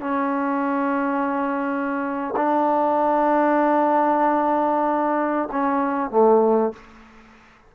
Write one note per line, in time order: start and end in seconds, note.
0.00 2.34 C#4
2.36 5.49 D4
5.51 6.11 C#4
6.11 6.73 A3